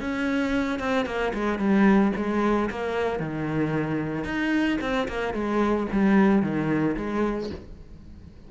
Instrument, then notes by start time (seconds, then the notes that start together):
cello
0.00 C#4
0.79 C4
1.05 A#3
1.33 G#3
1.58 G3
2.16 G#3
2.70 A#3
3.19 D#3
4.24 D#4
4.81 C4
5.08 A#3
5.33 G#3
5.92 G3
6.42 D#3
6.96 G#3